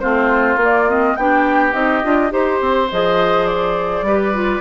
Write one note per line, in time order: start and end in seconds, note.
0.00 0.56 A3
0.00 0.58 C4
0.00 1.17 F4
0.00 0.58 C5
0.56 1.14 A#3
0.56 0.88 A#3
0.64 0.89 D5
0.88 1.17 C4
0.88 1.16 D#5
1.16 1.73 B3
1.16 1.73 D4
1.16 2.33 G4
1.16 1.74 G5
1.73 2.02 C4
1.73 2.02 D#4
1.73 2.31 D#5
2.03 2.32 D4
2.03 2.30 F4
2.30 2.61 D#4
2.30 2.88 G4
2.30 2.90 C5
2.30 4.06 C5
2.61 2.90 C4
2.91 4.02 F3
2.91 4.07 G#4
2.91 3.47 D#5
3.47 4.61 D5
4.02 4.60 G3
4.02 4.34 G4
4.02 4.61 B4
4.34 4.61 F4